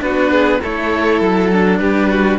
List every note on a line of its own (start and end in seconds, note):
0.00 0.62 B3
0.00 0.59 D4
0.00 0.32 F#4
0.00 0.63 B4
0.32 0.61 G#4
0.62 1.21 A3
0.62 1.53 E4
0.62 1.80 A4
0.62 1.22 C#5
1.21 1.80 F#3
1.21 1.79 A4
1.53 2.39 D4
1.79 2.39 G3
1.79 2.10 G4
1.79 2.38 B4
2.10 2.39 F#4